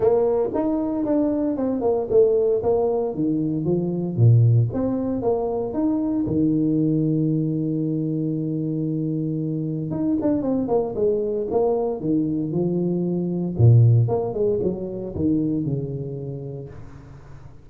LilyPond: \new Staff \with { instrumentName = "tuba" } { \time 4/4 \tempo 4 = 115 ais4 dis'4 d'4 c'8 ais8 | a4 ais4 dis4 f4 | ais,4 c'4 ais4 dis'4 | dis1~ |
dis2. dis'8 d'8 | c'8 ais8 gis4 ais4 dis4 | f2 ais,4 ais8 gis8 | fis4 dis4 cis2 | }